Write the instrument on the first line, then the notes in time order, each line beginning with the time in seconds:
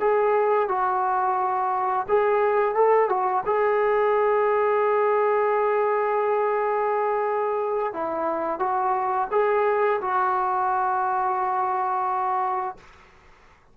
trombone
0.00 G#4
0.68 F#4
2.08 G#4
2.75 A4
3.09 F#4
3.45 G#4
7.93 E4
8.59 F#4
9.31 G#4
10.01 F#4